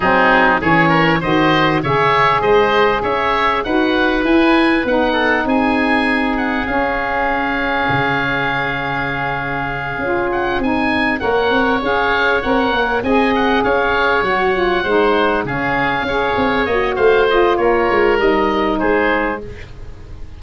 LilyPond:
<<
  \new Staff \with { instrumentName = "oboe" } { \time 4/4 \tempo 4 = 99 gis'4 cis''4 dis''4 e''4 | dis''4 e''4 fis''4 gis''4 | fis''4 gis''4. fis''8 f''4~ | f''1~ |
f''4 fis''8 gis''4 fis''4 f''8~ | f''8 fis''4 gis''8 fis''8 f''4 fis''8~ | fis''4. f''2 dis''8 | f''8 dis''8 cis''4 dis''4 c''4 | }
  \new Staff \with { instrumentName = "oboe" } { \time 4/4 dis'4 gis'8 ais'8 c''4 cis''4 | c''4 cis''4 b'2~ | b'8 a'8 gis'2.~ | gis'1~ |
gis'2~ gis'8 cis''4.~ | cis''4. dis''4 cis''4.~ | cis''8 c''4 gis'4 cis''4. | c''4 ais'2 gis'4 | }
  \new Staff \with { instrumentName = "saxophone" } { \time 4/4 c'4 cis'4 fis'4 gis'4~ | gis'2 fis'4 e'4 | dis'2. cis'4~ | cis'1~ |
cis'8 f'4 dis'4 ais'4 gis'8~ | gis'8 ais'4 gis'2 fis'8 | f'8 dis'4 cis'4 gis'4 fis'8~ | fis'8 f'4. dis'2 | }
  \new Staff \with { instrumentName = "tuba" } { \time 4/4 fis4 e4 dis4 cis4 | gis4 cis'4 dis'4 e'4 | b4 c'2 cis'4~ | cis'4 cis2.~ |
cis8 cis'4 c'4 ais8 c'8 cis'8~ | cis'8 c'8 ais8 c'4 cis'4 fis8~ | fis8 gis4 cis4 cis'8 c'8 ais8 | a4 ais8 gis8 g4 gis4 | }
>>